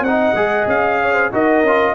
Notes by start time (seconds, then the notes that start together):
0.00 C4 D#4 D#5 F#5
0.34 G#3 G#4
0.66 C#4 F5
1.02 C#5
1.13 C5
1.32 D#4 F#4 A#4 D#5
1.62 C#4 F4